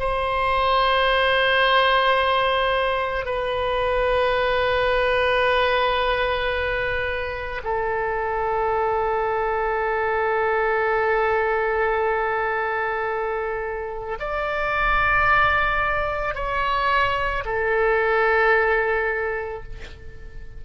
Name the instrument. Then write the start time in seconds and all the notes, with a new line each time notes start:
oboe
0.00 C5
3.25 B4
7.64 A4
14.20 D5
16.35 C#5
17.45 A4